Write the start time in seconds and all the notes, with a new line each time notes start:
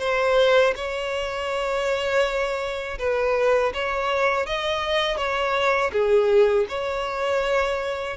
0.00 C5
0.76 C#5
2.99 B4
3.74 C#5
4.47 D#5
5.18 C#5
5.93 G#4
6.69 C#5